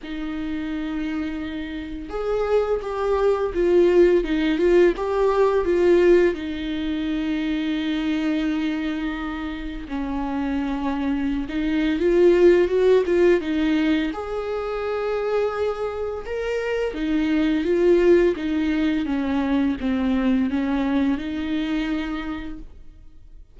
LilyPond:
\new Staff \with { instrumentName = "viola" } { \time 4/4 \tempo 4 = 85 dis'2. gis'4 | g'4 f'4 dis'8 f'8 g'4 | f'4 dis'2.~ | dis'2 cis'2~ |
cis'16 dis'8. f'4 fis'8 f'8 dis'4 | gis'2. ais'4 | dis'4 f'4 dis'4 cis'4 | c'4 cis'4 dis'2 | }